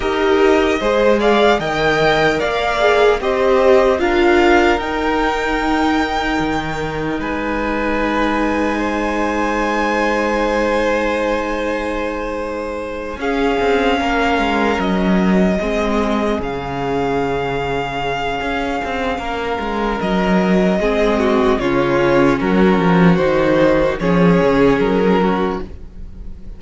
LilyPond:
<<
  \new Staff \with { instrumentName = "violin" } { \time 4/4 \tempo 4 = 75 dis''4. f''8 g''4 f''4 | dis''4 f''4 g''2~ | g''4 gis''2.~ | gis''1~ |
gis''8 f''2 dis''4.~ | dis''8 f''2.~ f''8~ | f''4 dis''2 cis''4 | ais'4 c''4 cis''4 ais'4 | }
  \new Staff \with { instrumentName = "violin" } { \time 4/4 ais'4 c''8 d''8 dis''4 d''4 | c''4 ais'2.~ | ais'4 b'2 c''4~ | c''1~ |
c''8 gis'4 ais'2 gis'8~ | gis'1 | ais'2 gis'8 fis'8 f'4 | fis'2 gis'4. fis'8 | }
  \new Staff \with { instrumentName = "viola" } { \time 4/4 g'4 gis'4 ais'4. gis'8 | g'4 f'4 dis'2~ | dis'1~ | dis'1~ |
dis'8 cis'2. c'8~ | c'8 cis'2.~ cis'8~ | cis'2 c'4 cis'4~ | cis'4 dis'4 cis'2 | }
  \new Staff \with { instrumentName = "cello" } { \time 4/4 dis'4 gis4 dis4 ais4 | c'4 d'4 dis'2 | dis4 gis2.~ | gis1~ |
gis8 cis'8 c'8 ais8 gis8 fis4 gis8~ | gis8 cis2~ cis8 cis'8 c'8 | ais8 gis8 fis4 gis4 cis4 | fis8 f8 dis4 f8 cis8 fis4 | }
>>